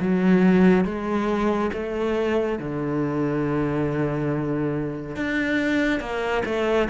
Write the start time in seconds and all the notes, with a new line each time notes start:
0.00 F#3
0.85 G#3
1.73 A3
2.59 D3
5.16 D4
6.00 A#3
6.45 A3